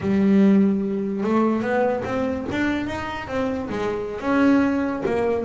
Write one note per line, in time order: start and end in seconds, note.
0.00 1.23 G3
1.23 1.61 A3
1.61 2.02 B3
2.04 2.45 C4
2.51 2.86 D4
2.86 3.27 D#4
3.27 3.68 C4
3.69 4.20 G#3
4.20 5.02 C#4
5.05 5.45 A#3